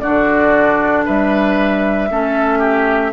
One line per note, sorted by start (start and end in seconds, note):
0.00 1.08 D3
0.00 2.09 D4
0.00 1.05 F#4
0.00 1.03 D5
1.05 2.10 G3
1.05 2.09 B4
1.05 3.13 E5
2.10 3.13 A3
2.10 3.13 C#4
2.10 2.59 A4
2.59 3.11 G4